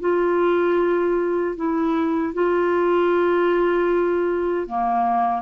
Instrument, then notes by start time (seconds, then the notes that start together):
clarinet
0.00 F4
1.56 E4
2.33 F4
4.67 A#3